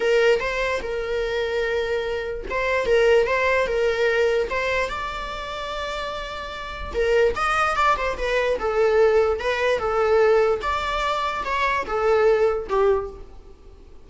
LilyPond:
\new Staff \with { instrumentName = "viola" } { \time 4/4 \tempo 4 = 147 ais'4 c''4 ais'2~ | ais'2 c''4 ais'4 | c''4 ais'2 c''4 | d''1~ |
d''4 ais'4 dis''4 d''8 c''8 | b'4 a'2 b'4 | a'2 d''2 | cis''4 a'2 g'4 | }